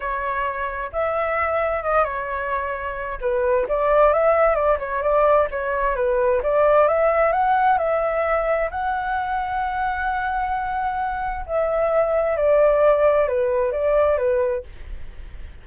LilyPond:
\new Staff \with { instrumentName = "flute" } { \time 4/4 \tempo 4 = 131 cis''2 e''2 | dis''8 cis''2~ cis''8 b'4 | d''4 e''4 d''8 cis''8 d''4 | cis''4 b'4 d''4 e''4 |
fis''4 e''2 fis''4~ | fis''1~ | fis''4 e''2 d''4~ | d''4 b'4 d''4 b'4 | }